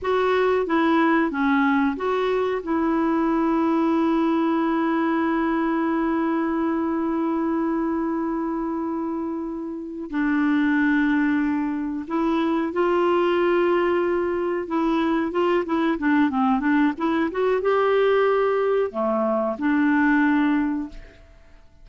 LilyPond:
\new Staff \with { instrumentName = "clarinet" } { \time 4/4 \tempo 4 = 92 fis'4 e'4 cis'4 fis'4 | e'1~ | e'1~ | e'2.~ e'8 d'8~ |
d'2~ d'8 e'4 f'8~ | f'2~ f'8 e'4 f'8 | e'8 d'8 c'8 d'8 e'8 fis'8 g'4~ | g'4 a4 d'2 | }